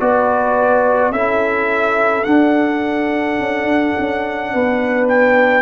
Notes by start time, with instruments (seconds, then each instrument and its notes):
0.00 tuba B3, trombone F#4, horn B4, trumpet D5
1.11 tuba C#4, trombone E4, horn A4, trumpet E5
2.24 trombone D4, tuba D4, trumpet F#5
3.39 tuba C#4
3.64 tuba D4
3.99 tuba C#4
4.53 tuba B3, horn B4
5.08 trumpet G5